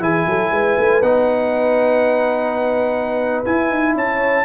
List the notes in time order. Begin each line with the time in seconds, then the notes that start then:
0.00 E3 E4 G#4 G#5
0.27 F#3 A4
0.52 G#3 B4
0.78 A3
1.03 B3 D#4 F#5
3.45 E4 G#5
3.71 D#4
3.95 C#4 C#5 A5